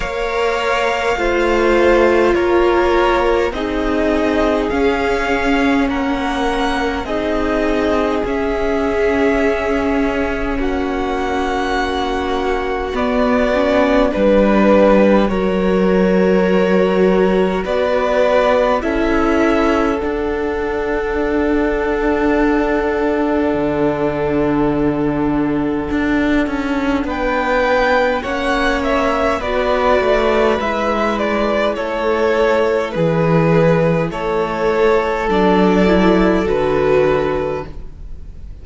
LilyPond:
<<
  \new Staff \with { instrumentName = "violin" } { \time 4/4 \tempo 4 = 51 f''2 cis''4 dis''4 | f''4 fis''4 dis''4 e''4~ | e''4 fis''2 d''4 | b'4 cis''2 d''4 |
e''4 fis''2.~ | fis''2. g''4 | fis''8 e''8 d''4 e''8 d''8 cis''4 | b'4 cis''4 d''4 b'4 | }
  \new Staff \with { instrumentName = "violin" } { \time 4/4 cis''4 c''4 ais'4 gis'4~ | gis'4 ais'4 gis'2~ | gis'4 fis'2. | b'4 ais'2 b'4 |
a'1~ | a'2. b'4 | cis''4 b'2 a'4 | gis'4 a'2. | }
  \new Staff \with { instrumentName = "viola" } { \time 4/4 ais'4 f'2 dis'4 | cis'2 dis'4 cis'4~ | cis'2. b8 cis'8 | d'4 fis'2. |
e'4 d'2.~ | d'1 | cis'4 fis'4 e'2~ | e'2 d'8 e'8 fis'4 | }
  \new Staff \with { instrumentName = "cello" } { \time 4/4 ais4 a4 ais4 c'4 | cis'4 ais4 c'4 cis'4~ | cis'4 ais2 b4 | g4 fis2 b4 |
cis'4 d'2. | d2 d'8 cis'8 b4 | ais4 b8 a8 gis4 a4 | e4 a4 fis4 d4 | }
>>